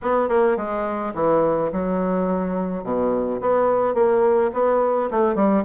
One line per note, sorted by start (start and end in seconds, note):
0.02 0.28 B3
0.28 0.56 A#3
0.56 1.13 G#3
1.14 1.71 E3
1.72 2.83 F#3
2.83 3.40 B2
3.40 3.94 B3
3.94 4.51 A#3
4.53 5.09 B3
5.10 5.35 A3
5.35 5.63 G3